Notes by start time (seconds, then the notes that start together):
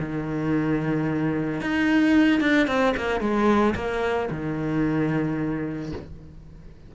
0.00 D#3
1.61 D#4
2.41 D4
2.67 C4
2.97 A#3
3.21 G#3
3.75 A#3
4.30 D#3